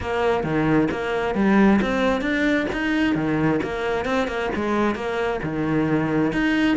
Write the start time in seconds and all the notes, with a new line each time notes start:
0.01 A#3
0.43 D#3
0.91 A#3
1.35 G3
1.81 C4
2.21 D4
2.72 D#4
3.15 D#3
3.63 A#3
4.05 C4
4.27 A#3
4.55 G#3
4.95 A#3
5.43 D#3
6.32 D#4